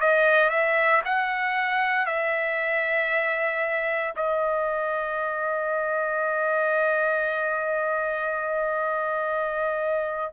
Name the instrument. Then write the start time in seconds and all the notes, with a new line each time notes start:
trumpet
0.00 D#5
0.50 E5
1.05 F#5
2.06 E5
4.16 D#5